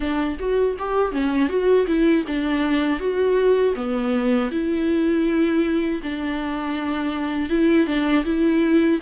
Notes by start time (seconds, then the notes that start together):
0.00 D4
0.39 F#4
0.79 G4
1.11 C#4
1.48 F#4
1.86 E4
2.27 D4
2.99 F#4
3.75 B3
4.51 E4
6.02 D4
7.49 E4
7.86 D4
8.24 E4